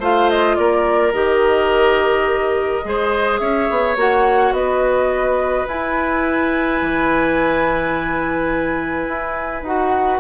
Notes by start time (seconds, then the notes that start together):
0.00 A3 F4 C5 F5
0.30 D#5
0.56 A#3 A#4 D5
1.13 D#3 G4 D#5
2.83 G#3 G#4 C5
3.39 C#4 C#5 E5
3.70 B3
3.96 A#3 F#4 F#5
4.52 B3 B4 D#5
5.68 E4 G#5
6.82 E3
9.08 E4
9.63 D#4 F#4 F#5